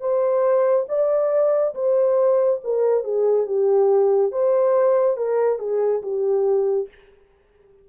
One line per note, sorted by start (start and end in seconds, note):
0.00 0.86 C5
0.88 1.74 D5
1.75 2.60 C5
2.64 3.04 A#4
3.04 3.46 G#4
3.46 4.32 G4
4.32 5.17 C5
5.17 5.59 A#4
5.59 6.02 G#4
6.02 6.88 G4